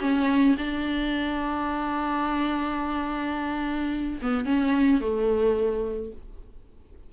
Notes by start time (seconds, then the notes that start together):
0.00 C#4
0.57 D4
4.21 B3
4.45 C#4
5.00 A3